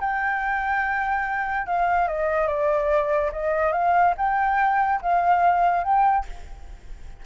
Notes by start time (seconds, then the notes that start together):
0.00 G5
1.66 F5
2.08 D#5
2.47 D5
3.32 D#5
3.72 F5
4.17 G5
5.02 F5
5.84 G5